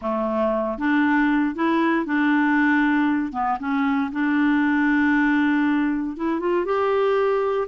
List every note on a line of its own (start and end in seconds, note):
0.01 0.78 A3
0.78 1.55 D4
1.55 2.05 E4
2.05 3.32 D4
3.32 3.58 B3
3.59 4.10 C#4
4.12 6.17 D4
6.17 6.40 E4
6.40 6.65 F4
6.65 7.67 G4